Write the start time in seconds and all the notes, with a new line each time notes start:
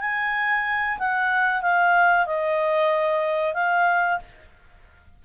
0.00 G#5
0.98 F#5
1.62 F5
2.26 D#5
3.54 F5